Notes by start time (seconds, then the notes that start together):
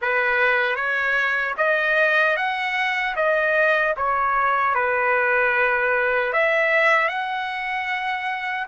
0.01 B4
0.75 C#5
1.57 D#5
2.36 F#5
3.15 D#5
3.97 C#5
4.74 B4
6.32 E5
7.08 F#5